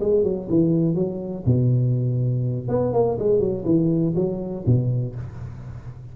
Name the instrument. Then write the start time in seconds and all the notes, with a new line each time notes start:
tuba
0.00 G#3
0.23 F#3
0.49 E3
0.95 F#3
1.46 B2
2.68 B3
2.93 A#3
3.19 G#3
3.40 F#3
3.65 E3
4.15 F#3
4.66 B2